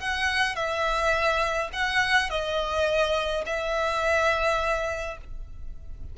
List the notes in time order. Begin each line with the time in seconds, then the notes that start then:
0.00 F#5
0.56 E5
1.73 F#5
2.30 D#5
3.46 E5